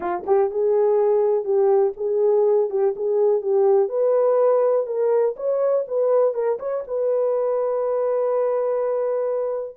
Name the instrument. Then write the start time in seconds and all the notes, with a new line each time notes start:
horn
0.00 F4
0.26 G4
0.50 G#4
1.44 G4
1.96 G#4
2.70 G4
2.96 G#4
3.41 G4
3.88 B4
4.86 A#4
5.36 C#5
5.87 B4
6.34 A#4
6.59 C#5
6.87 B4